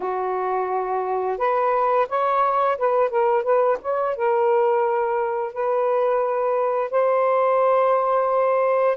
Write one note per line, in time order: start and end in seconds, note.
0.00 1.38 F#4
1.38 2.07 B4
2.08 2.77 C#5
2.78 3.09 B4
3.09 3.43 A#4
3.43 3.77 B4
3.81 4.15 C#5
4.15 5.53 A#4
5.53 6.90 B4
6.90 8.97 C5